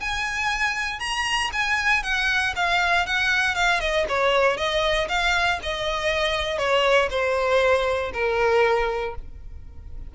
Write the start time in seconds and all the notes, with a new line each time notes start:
0.00 G#5
0.99 A#5
1.52 G#5
2.03 F#5
2.55 F5
3.06 F#5
3.55 F5
3.80 D#5
4.09 C#5
4.57 D#5
5.08 F5
5.62 D#5
6.58 C#5
7.10 C5
8.13 A#4